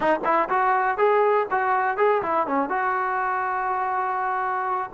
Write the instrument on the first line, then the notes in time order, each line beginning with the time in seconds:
trombone
0.00 D#4
0.24 E4
0.49 F#4
0.97 G#4
1.50 F#4
1.97 G#4
2.22 E4
2.47 C#4
2.69 F#4